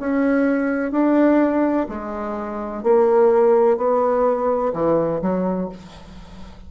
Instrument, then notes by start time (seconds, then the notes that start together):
bassoon
0.00 C#4
0.92 D4
1.89 G#3
2.84 A#3
3.77 B3
4.74 E3
5.22 F#3